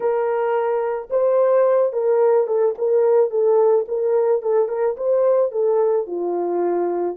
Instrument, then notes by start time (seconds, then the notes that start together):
horn
0.00 A#4
1.10 C5
1.92 A#4
2.47 A4
2.78 A#4
3.30 A4
3.88 A#4
4.42 A4
4.68 A#4
4.96 C5
5.51 A4
6.07 F4